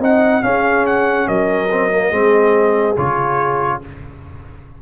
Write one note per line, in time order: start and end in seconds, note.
0.00 0.42 C4
0.00 0.42 D#4
0.00 0.44 D#5
0.00 0.43 F#5
0.42 1.69 C#4
0.42 1.28 C#4
0.42 1.28 G#4
0.42 0.86 F5
0.87 1.28 F#5
1.28 2.12 F#3
1.28 2.08 A#4
1.28 2.97 D#5
1.71 1.91 C4
1.91 2.11 A#3
2.08 2.96 G#3
2.08 2.96 C4
2.08 3.77 G#4
2.97 3.82 C#3
2.97 3.82 F4
2.97 3.82 C#5